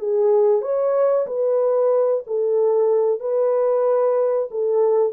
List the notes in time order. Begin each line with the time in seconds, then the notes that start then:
0.00 G#4
0.62 C#5
1.27 B4
2.27 A4
3.20 B4
4.51 A4